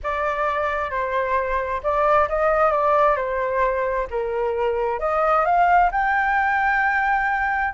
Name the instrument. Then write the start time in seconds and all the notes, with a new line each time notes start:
flute
0.03 D5
0.90 C5
1.83 D5
2.29 D#5
2.71 D5
3.16 C5
4.10 A#4
4.99 D#5
5.45 F5
5.91 G5